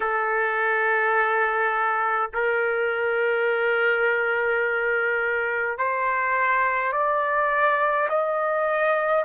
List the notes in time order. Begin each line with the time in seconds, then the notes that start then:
0.00 A4
2.33 A#4
5.77 C5
6.92 D5
8.09 D#5